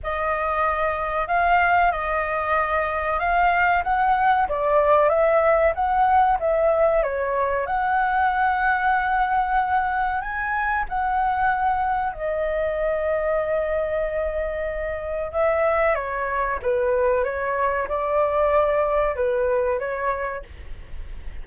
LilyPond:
\new Staff \with { instrumentName = "flute" } { \time 4/4 \tempo 4 = 94 dis''2 f''4 dis''4~ | dis''4 f''4 fis''4 d''4 | e''4 fis''4 e''4 cis''4 | fis''1 |
gis''4 fis''2 dis''4~ | dis''1 | e''4 cis''4 b'4 cis''4 | d''2 b'4 cis''4 | }